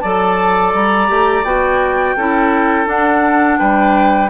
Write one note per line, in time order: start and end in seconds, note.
0.00 0.74 F#3
0.00 1.08 A4
0.00 2.16 D5
0.00 0.71 A5
0.74 1.09 G3
0.74 1.44 A#5
1.08 1.44 A3
1.08 1.43 G4
1.44 2.15 B3
1.44 2.16 F#4
1.44 2.87 G5
2.16 2.86 C#4
2.16 2.86 E4
2.16 3.59 A4
2.86 4.29 D4
2.86 3.58 D4
2.86 3.58 F#5
3.58 4.30 G3
3.58 4.30 B4
3.58 4.30 G5